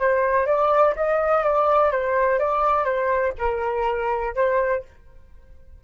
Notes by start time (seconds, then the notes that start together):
0.00 C5
0.47 D5
0.96 D#5
1.44 D5
1.92 C5
2.39 D5
2.85 C5
3.39 A#4
4.35 C5